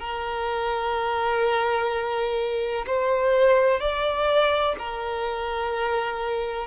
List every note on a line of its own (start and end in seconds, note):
0.00 2.86 A#4
2.87 3.81 C5
3.81 4.76 D5
4.79 6.67 A#4